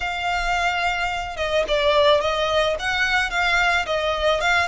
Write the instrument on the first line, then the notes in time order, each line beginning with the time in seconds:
violin
0.00 F5
1.36 D#5
1.68 D5
2.20 D#5
2.79 F#5
3.30 F5
3.85 D#5
4.40 F5